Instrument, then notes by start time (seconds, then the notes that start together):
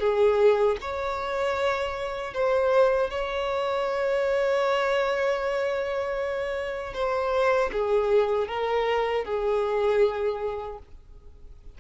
violin
0.00 G#4
0.81 C#5
2.34 C5
3.10 C#5
6.94 C5
7.72 G#4
8.48 A#4
9.24 G#4